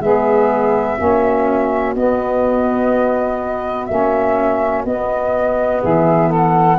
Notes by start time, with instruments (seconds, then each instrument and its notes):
0.00 tuba G#3, saxophone B3 G#4, flute E5
0.98 tuba A#3, saxophone C#4 F#4
1.96 tuba B3, saxophone B3, flute D#5
3.86 tuba A#3, saxophone C#4, flute E5
4.85 tuba B3, saxophone B3, flute D#5
5.82 tuba E3, saxophone G#4, flute E5
6.29 saxophone A4
6.35 flute F#5